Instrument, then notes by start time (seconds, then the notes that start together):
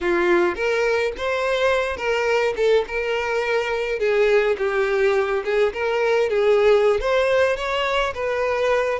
violin
0.00 F4
0.55 A#4
1.17 C5
1.97 A#4
2.56 A4
2.87 A#4
3.99 G#4
4.57 G4
5.44 G#4
5.73 A#4
6.29 G#4
7.00 C5
7.56 C#5
8.14 B4